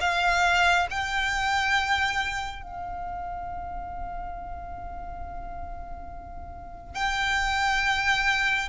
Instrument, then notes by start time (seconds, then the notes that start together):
violin
0.00 F5
0.90 G5
2.62 F5
6.94 G5